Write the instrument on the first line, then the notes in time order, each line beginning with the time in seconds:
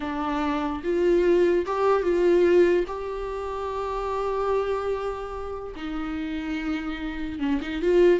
viola
0.00 D4
0.83 F4
1.66 G4
2.02 F4
2.87 G4
5.75 D#4
7.39 C#4
7.61 D#4
7.82 F4